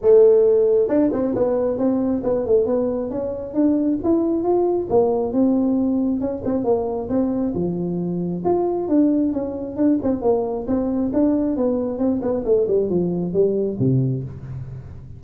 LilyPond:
\new Staff \with { instrumentName = "tuba" } { \time 4/4 \tempo 4 = 135 a2 d'8 c'8 b4 | c'4 b8 a8 b4 cis'4 | d'4 e'4 f'4 ais4 | c'2 cis'8 c'8 ais4 |
c'4 f2 f'4 | d'4 cis'4 d'8 c'8 ais4 | c'4 d'4 b4 c'8 b8 | a8 g8 f4 g4 c4 | }